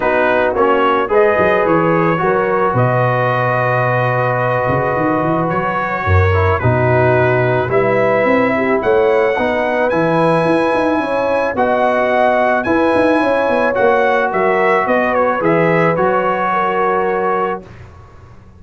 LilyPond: <<
  \new Staff \with { instrumentName = "trumpet" } { \time 4/4 \tempo 4 = 109 b'4 cis''4 dis''4 cis''4~ | cis''4 dis''2.~ | dis''2 cis''2 | b'2 e''2 |
fis''2 gis''2~ | gis''4 fis''2 gis''4~ | gis''4 fis''4 e''4 dis''8 cis''8 | e''4 cis''2. | }
  \new Staff \with { instrumentName = "horn" } { \time 4/4 fis'2 b'2 | ais'4 b'2.~ | b'2. ais'4 | fis'2 b'4. g'8 |
cis''4 b'2. | cis''4 dis''2 b'4 | cis''2 ais'4 b'4~ | b'2 ais'2 | }
  \new Staff \with { instrumentName = "trombone" } { \time 4/4 dis'4 cis'4 gis'2 | fis'1~ | fis'2.~ fis'8 e'8 | dis'2 e'2~ |
e'4 dis'4 e'2~ | e'4 fis'2 e'4~ | e'4 fis'2. | gis'4 fis'2. | }
  \new Staff \with { instrumentName = "tuba" } { \time 4/4 b4 ais4 gis8 fis8 e4 | fis4 b,2.~ | b,8 cis8 dis8 e8 fis4 fis,4 | b,2 g4 c'4 |
a4 b4 e4 e'8 dis'8 | cis'4 b2 e'8 dis'8 | cis'8 b8 ais4 fis4 b4 | e4 fis2. | }
>>